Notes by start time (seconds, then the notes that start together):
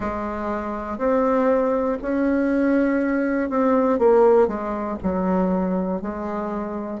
0.00 G#3
0.98 C4
2.01 C#4
3.49 C4
3.99 A#3
4.47 G#3
5.02 F#3
6.01 G#3